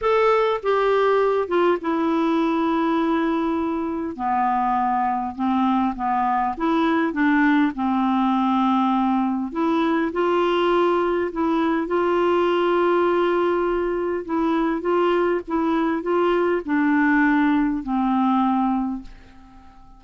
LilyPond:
\new Staff \with { instrumentName = "clarinet" } { \time 4/4 \tempo 4 = 101 a'4 g'4. f'8 e'4~ | e'2. b4~ | b4 c'4 b4 e'4 | d'4 c'2. |
e'4 f'2 e'4 | f'1 | e'4 f'4 e'4 f'4 | d'2 c'2 | }